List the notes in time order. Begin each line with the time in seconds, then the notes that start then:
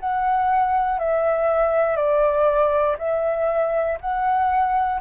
0.00 F#5
0.99 E5
1.96 D5
2.98 E5
4.00 F#5